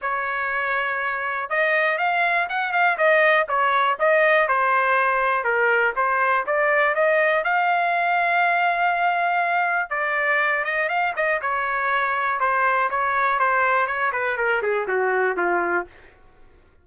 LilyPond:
\new Staff \with { instrumentName = "trumpet" } { \time 4/4 \tempo 4 = 121 cis''2. dis''4 | f''4 fis''8 f''8 dis''4 cis''4 | dis''4 c''2 ais'4 | c''4 d''4 dis''4 f''4~ |
f''1 | d''4. dis''8 f''8 dis''8 cis''4~ | cis''4 c''4 cis''4 c''4 | cis''8 b'8 ais'8 gis'8 fis'4 f'4 | }